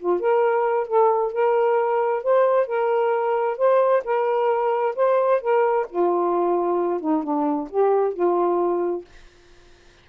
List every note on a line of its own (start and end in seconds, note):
0.00 0.20 F4
0.20 0.88 A#4
0.88 1.33 A4
1.33 2.24 A#4
2.24 2.67 C5
2.67 3.58 A#4
3.58 4.04 C5
4.05 4.96 A#4
4.96 5.42 C5
5.42 5.87 A#4
5.90 7.01 F4
7.01 7.24 D#4
7.24 7.69 D4
7.70 8.14 G4
8.14 9.05 F4